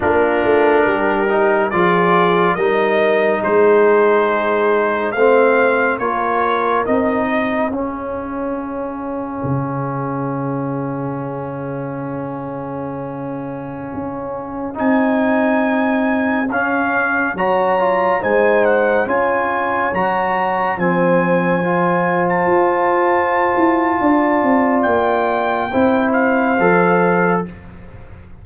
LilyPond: <<
  \new Staff \with { instrumentName = "trumpet" } { \time 4/4 \tempo 4 = 70 ais'2 d''4 dis''4 | c''2 f''4 cis''4 | dis''4 f''2.~ | f''1~ |
f''4~ f''16 gis''2 f''8.~ | f''16 ais''4 gis''8 fis''8 gis''4 ais''8.~ | ais''16 gis''4.~ gis''16 a''2~ | a''4 g''4. f''4. | }
  \new Staff \with { instrumentName = "horn" } { \time 4/4 f'4 g'4 gis'4 ais'4 | gis'2 c''4 ais'4~ | ais'8 gis'2.~ gis'8~ | gis'1~ |
gis'1~ | gis'16 cis''4 c''4 cis''4.~ cis''16~ | cis''16 c''2.~ c''8. | d''2 c''2 | }
  \new Staff \with { instrumentName = "trombone" } { \time 4/4 d'4. dis'8 f'4 dis'4~ | dis'2 c'4 f'4 | dis'4 cis'2.~ | cis'1~ |
cis'4~ cis'16 dis'2 cis'8.~ | cis'16 fis'8 f'8 dis'4 f'4 fis'8.~ | fis'16 c'4 f'2~ f'8.~ | f'2 e'4 a'4 | }
  \new Staff \with { instrumentName = "tuba" } { \time 4/4 ais8 a8 g4 f4 g4 | gis2 a4 ais4 | c'4 cis'2 cis4~ | cis1~ |
cis16 cis'4 c'2 cis'8.~ | cis'16 fis4 gis4 cis'4 fis8.~ | fis16 f2 f'4~ f'16 e'8 | d'8 c'8 ais4 c'4 f4 | }
>>